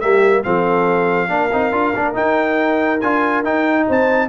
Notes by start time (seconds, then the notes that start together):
0.00 G3 A#3 G4 E5
0.43 F3 C4 A4 F5
1.28 A#3 D4 A#4
1.52 C4 D#4
1.72 D4 F4
1.95 A#3 D4
2.14 D#4 G5
3.01 D4 F4 G#5
3.43 D#4 G5
3.88 C4 C5 A5